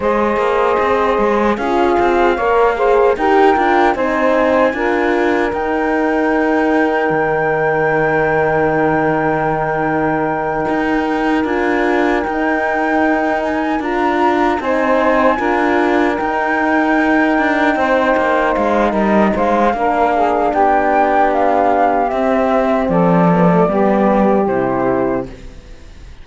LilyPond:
<<
  \new Staff \with { instrumentName = "flute" } { \time 4/4 \tempo 4 = 76 dis''2 f''2 | g''4 gis''2 g''4~ | g''1~ | g''2~ g''8 gis''4 g''8~ |
g''4 gis''8 ais''4 gis''4.~ | gis''8 g''2. f''8 | dis''8 f''4. g''4 f''4 | e''4 d''2 c''4 | }
  \new Staff \with { instrumentName = "saxophone" } { \time 4/4 c''2 gis'4 cis''8 c''8 | ais'4 c''4 ais'2~ | ais'1~ | ais'1~ |
ais'2~ ais'8 c''4 ais'8~ | ais'2~ ais'8 c''4. | ais'8 c''8 ais'8 gis'8 g'2~ | g'4 a'4 g'2 | }
  \new Staff \with { instrumentName = "horn" } { \time 4/4 gis'2 f'4 ais'8 gis'8 | g'8 f'8 dis'4 f'4 dis'4~ | dis'1~ | dis'2~ dis'8 f'4 dis'8~ |
dis'4. f'4 dis'4 f'8~ | f'8 dis'2.~ dis'8~ | dis'4 d'2. | c'4. b16 a16 b4 e'4 | }
  \new Staff \with { instrumentName = "cello" } { \time 4/4 gis8 ais8 c'8 gis8 cis'8 c'8 ais4 | dis'8 d'8 c'4 d'4 dis'4~ | dis'4 dis2.~ | dis4. dis'4 d'4 dis'8~ |
dis'4. d'4 c'4 d'8~ | d'8 dis'4. d'8 c'8 ais8 gis8 | g8 gis8 ais4 b2 | c'4 f4 g4 c4 | }
>>